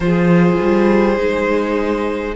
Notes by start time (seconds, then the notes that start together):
0.00 F3 F4 G#4 C5
0.61 G3
1.17 G#3 D#4